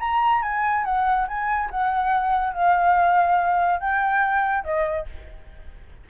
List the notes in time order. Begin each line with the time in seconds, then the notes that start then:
0.00 A#5
0.43 G#5
0.85 F#5
1.28 G#5
1.71 F#5
2.54 F5
3.80 G5
4.64 D#5